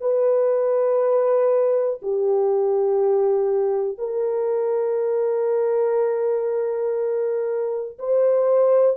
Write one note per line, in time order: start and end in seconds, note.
0.00 2.00 B4
2.02 3.98 G4
3.98 7.98 A#4
7.99 8.97 C5